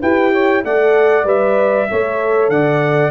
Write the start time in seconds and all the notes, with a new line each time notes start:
0.00 E4 G4 B4 G5
0.31 C#5
0.63 A3 A4 D5 F#5
1.24 G3 B4 E5
1.89 A3 A4 C#5
2.49 D3 D5 F#5